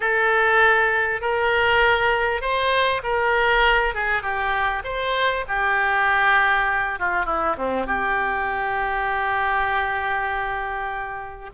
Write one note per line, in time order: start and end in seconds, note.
0.00 1.21 A4
1.21 2.41 A#4
2.41 3.01 C5
3.03 3.94 A#4
3.94 4.22 G#4
4.22 4.83 G4
4.84 5.44 C5
5.47 6.99 G4
6.99 7.25 F4
7.25 7.56 E4
7.57 7.86 C4
7.86 11.50 G4